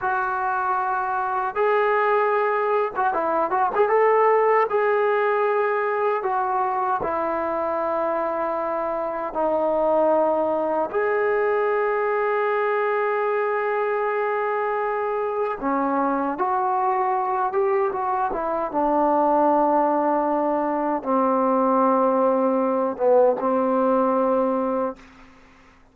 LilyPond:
\new Staff \with { instrumentName = "trombone" } { \time 4/4 \tempo 4 = 77 fis'2 gis'4.~ gis'16 fis'16 | e'8 fis'16 gis'16 a'4 gis'2 | fis'4 e'2. | dis'2 gis'2~ |
gis'1 | cis'4 fis'4. g'8 fis'8 e'8 | d'2. c'4~ | c'4. b8 c'2 | }